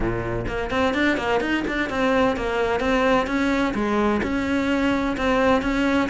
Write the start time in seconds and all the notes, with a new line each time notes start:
0.00 A#2
0.47 A#3
0.70 C4
0.94 D4
1.17 A#3
1.40 D#4
1.67 D4
1.89 C4
2.36 A#3
2.80 C4
3.26 C#4
3.74 G#3
4.22 C#4
5.17 C4
5.62 C#4